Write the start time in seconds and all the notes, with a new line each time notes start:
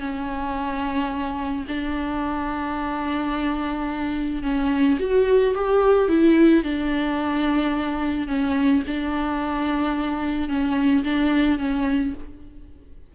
0.00 C#4
1.68 D4
4.43 C#4
4.99 F#4
5.55 G4
6.08 E4
6.63 D4
8.28 C#4
8.87 D4
10.49 C#4
11.04 D4
11.58 C#4